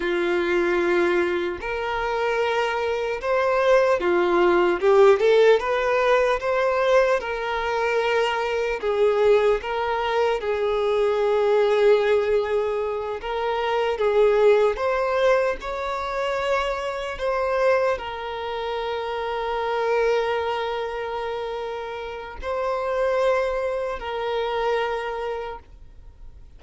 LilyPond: \new Staff \with { instrumentName = "violin" } { \time 4/4 \tempo 4 = 75 f'2 ais'2 | c''4 f'4 g'8 a'8 b'4 | c''4 ais'2 gis'4 | ais'4 gis'2.~ |
gis'8 ais'4 gis'4 c''4 cis''8~ | cis''4. c''4 ais'4.~ | ais'1 | c''2 ais'2 | }